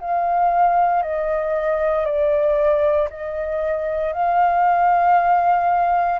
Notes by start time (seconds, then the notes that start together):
0.00 F5
1.03 D#5
2.05 D5
3.10 D#5
4.12 F5